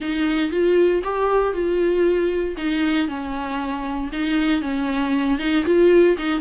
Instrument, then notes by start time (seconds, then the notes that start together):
viola
0.00 D#4
0.51 F4
1.03 G4
1.53 F4
2.57 D#4
3.07 C#4
4.12 D#4
4.61 C#4
5.38 D#4
5.65 F4
6.17 D#4